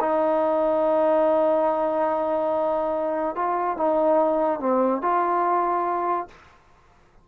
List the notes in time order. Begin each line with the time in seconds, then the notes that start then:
0.00 D#4
3.35 F4
3.77 D#4
4.59 C4
5.01 F4